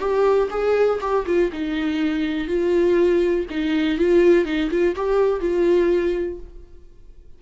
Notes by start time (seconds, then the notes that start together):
0.00 G4
0.51 G#4
1.01 G4
1.26 F4
1.53 D#4
2.48 F4
3.50 D#4
3.98 F4
4.46 D#4
4.71 F4
4.96 G4
5.41 F4